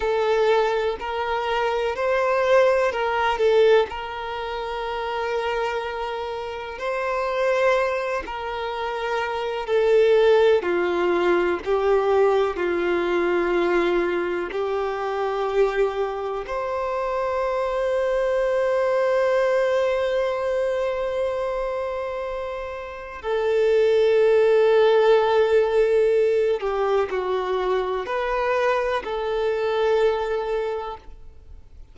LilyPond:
\new Staff \with { instrumentName = "violin" } { \time 4/4 \tempo 4 = 62 a'4 ais'4 c''4 ais'8 a'8 | ais'2. c''4~ | c''8 ais'4. a'4 f'4 | g'4 f'2 g'4~ |
g'4 c''2.~ | c''1 | a'2.~ a'8 g'8 | fis'4 b'4 a'2 | }